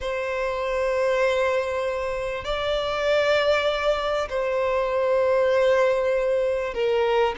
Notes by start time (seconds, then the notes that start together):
0.00 C5
2.44 D5
4.29 C5
6.74 A#4